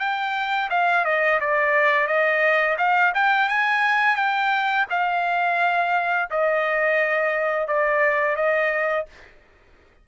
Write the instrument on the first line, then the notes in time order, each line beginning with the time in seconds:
trumpet
0.00 G5
0.70 F5
1.05 D#5
1.41 D5
2.07 D#5
2.78 F5
3.15 G5
3.49 G#5
4.16 G5
4.90 F5
6.31 D#5
7.68 D5
8.37 D#5